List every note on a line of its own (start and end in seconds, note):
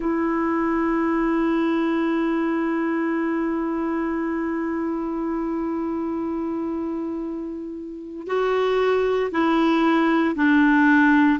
0.00 8.27 E4
8.27 9.31 F#4
9.31 10.34 E4
10.35 11.39 D4